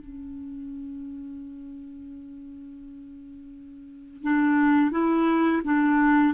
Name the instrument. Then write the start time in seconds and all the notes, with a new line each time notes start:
clarinet
0.00 C#4
4.24 D4
4.92 E4
5.65 D4